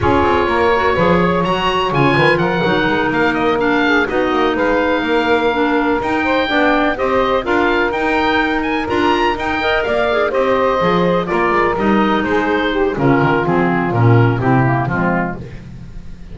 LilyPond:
<<
  \new Staff \with { instrumentName = "oboe" } { \time 4/4 \tempo 4 = 125 cis''2. ais''4 | gis''4 fis''4. f''8 dis''8 f''8~ | f''8 dis''4 f''2~ f''8~ | f''8 g''2 dis''4 f''8~ |
f''8 g''4. gis''8 ais''4 g''8~ | g''8 f''4 dis''2 d''8~ | d''8 dis''4 c''4. ais'4 | gis'4 ais'4 g'4 f'4 | }
  \new Staff \with { instrumentName = "saxophone" } { \time 4/4 gis'4 ais'4 b'8 cis''4.~ | cis''8 b'8 ais'2. | gis'8 fis'4 b'4 ais'4.~ | ais'4 c''8 d''4 c''4 ais'8~ |
ais'1 | dis''8 d''4 c''2 ais'8~ | ais'4. gis'4 g'8 f'4~ | f'2 e'4 c'4 | }
  \new Staff \with { instrumentName = "clarinet" } { \time 4/4 f'4. fis'8 gis'4 fis'4 | f'4. dis'2 d'8~ | d'8 dis'2. d'8~ | d'8 dis'4 d'4 g'4 f'8~ |
f'8 dis'2 f'4 dis'8 | ais'4 gis'8 g'4 gis'4 f'8~ | f'8 dis'2~ dis'8 cis'4 | c'4 cis'4 c'8 ais8 gis4 | }
  \new Staff \with { instrumentName = "double bass" } { \time 4/4 cis'8 c'8 ais4 f4 fis4 | cis8 dis8 f8 fis8 gis8 ais4.~ | ais8 b8 ais8 gis4 ais4.~ | ais8 dis'4 b4 c'4 d'8~ |
d'8 dis'2 d'4 dis'8~ | dis'8 ais4 c'4 f4 ais8 | gis8 g4 gis4. cis8 dis8 | f4 ais,4 c4 f4 | }
>>